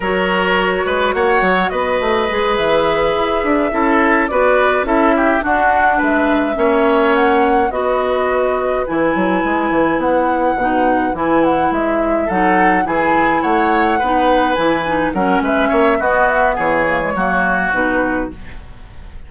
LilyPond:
<<
  \new Staff \with { instrumentName = "flute" } { \time 4/4 \tempo 4 = 105 cis''2 fis''4 dis''4~ | dis''8 e''2. d''8~ | d''8 e''4 fis''4 e''4.~ | e''8 fis''4 dis''2 gis''8~ |
gis''4. fis''2 gis''8 | fis''8 e''4 fis''4 gis''4 fis''8~ | fis''4. gis''4 fis''8 e''4 | dis''8 e''8 cis''2 b'4 | }
  \new Staff \with { instrumentName = "oboe" } { \time 4/4 ais'4. b'8 cis''4 b'4~ | b'2~ b'8 a'4 b'8~ | b'8 a'8 g'8 fis'4 b'4 cis''8~ | cis''4. b'2~ b'8~ |
b'1~ | b'4. a'4 gis'4 cis''8~ | cis''8 b'2 ais'8 b'8 cis''8 | fis'4 gis'4 fis'2 | }
  \new Staff \with { instrumentName = "clarinet" } { \time 4/4 fis'1 | gis'2~ gis'8 e'4 fis'8~ | fis'8 e'4 d'2 cis'8~ | cis'4. fis'2 e'8~ |
e'2~ e'8 dis'4 e'8~ | e'4. dis'4 e'4.~ | e'8 dis'4 e'8 dis'8 cis'4. | b4. ais16 gis16 ais4 dis'4 | }
  \new Staff \with { instrumentName = "bassoon" } { \time 4/4 fis4. gis8 ais8 fis8 b8 a8 | gis8 e4 e'8 d'8 cis'4 b8~ | b8 cis'4 d'4 gis4 ais8~ | ais4. b2 e8 |
fis8 gis8 e8 b4 b,4 e8~ | e8 gis4 fis4 e4 a8~ | a8 b4 e4 fis8 gis8 ais8 | b4 e4 fis4 b,4 | }
>>